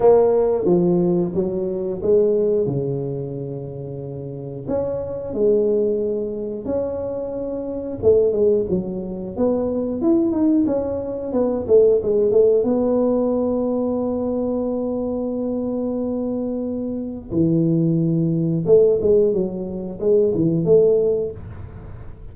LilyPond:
\new Staff \with { instrumentName = "tuba" } { \time 4/4 \tempo 4 = 90 ais4 f4 fis4 gis4 | cis2. cis'4 | gis2 cis'2 | a8 gis8 fis4 b4 e'8 dis'8 |
cis'4 b8 a8 gis8 a8 b4~ | b1~ | b2 e2 | a8 gis8 fis4 gis8 e8 a4 | }